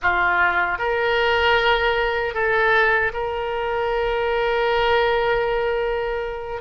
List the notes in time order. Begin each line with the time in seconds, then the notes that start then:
0.02 F4
0.78 A#4
2.34 A4
3.13 A#4